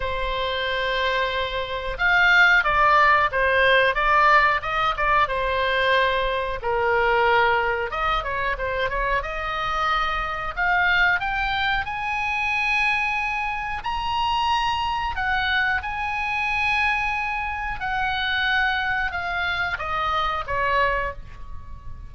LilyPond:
\new Staff \with { instrumentName = "oboe" } { \time 4/4 \tempo 4 = 91 c''2. f''4 | d''4 c''4 d''4 dis''8 d''8 | c''2 ais'2 | dis''8 cis''8 c''8 cis''8 dis''2 |
f''4 g''4 gis''2~ | gis''4 ais''2 fis''4 | gis''2. fis''4~ | fis''4 f''4 dis''4 cis''4 | }